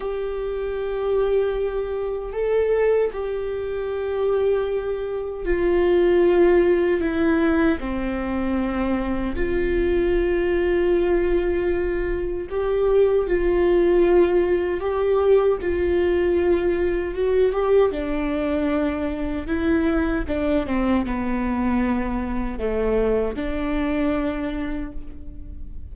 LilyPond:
\new Staff \with { instrumentName = "viola" } { \time 4/4 \tempo 4 = 77 g'2. a'4 | g'2. f'4~ | f'4 e'4 c'2 | f'1 |
g'4 f'2 g'4 | f'2 fis'8 g'8 d'4~ | d'4 e'4 d'8 c'8 b4~ | b4 a4 d'2 | }